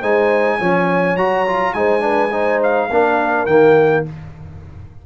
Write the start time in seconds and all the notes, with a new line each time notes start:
0.00 G#3 D#4 C5 G#5
0.59 F3 C#4 C#5
1.16 F#3 F#4 A#5
1.47 F4
1.73 G#3 D#4 C5 G#5
2.00 D4 B4
2.31 D#4 C5
2.63 F5
2.90 A#3 D4 A#4
3.46 D#3 A#3 G5